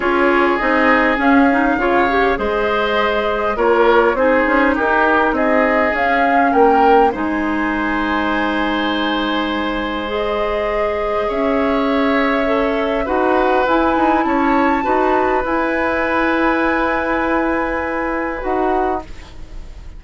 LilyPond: <<
  \new Staff \with { instrumentName = "flute" } { \time 4/4 \tempo 4 = 101 cis''4 dis''4 f''2 | dis''2 cis''4 c''4 | ais'4 dis''4 f''4 g''4 | gis''1~ |
gis''4 dis''2 e''4~ | e''2 fis''4 gis''4 | a''2 gis''2~ | gis''2. fis''4 | }
  \new Staff \with { instrumentName = "oboe" } { \time 4/4 gis'2. cis''4 | c''2 ais'4 gis'4 | g'4 gis'2 ais'4 | c''1~ |
c''2. cis''4~ | cis''2 b'2 | cis''4 b'2.~ | b'1 | }
  \new Staff \with { instrumentName = "clarinet" } { \time 4/4 f'4 dis'4 cis'8 dis'8 f'8 g'8 | gis'2 f'4 dis'4~ | dis'2 cis'2 | dis'1~ |
dis'4 gis'2.~ | gis'4 a'4 fis'4 e'4~ | e'4 fis'4 e'2~ | e'2. fis'4 | }
  \new Staff \with { instrumentName = "bassoon" } { \time 4/4 cis'4 c'4 cis'4 cis4 | gis2 ais4 c'8 cis'8 | dis'4 c'4 cis'4 ais4 | gis1~ |
gis2. cis'4~ | cis'2 dis'4 e'8 dis'8 | cis'4 dis'4 e'2~ | e'2. dis'4 | }
>>